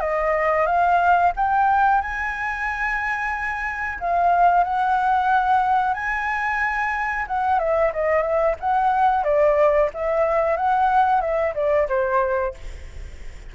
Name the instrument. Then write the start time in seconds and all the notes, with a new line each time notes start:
flute
0.00 D#5
0.66 F5
1.36 G5
2.01 G#5
4.00 F5
4.64 F#5
5.94 G#5
7.27 F#5
7.59 E5
7.93 D#5
8.22 E5
8.60 F#5
9.24 D5
9.94 E5
10.57 F#5
11.21 E5
11.54 D5
11.88 C5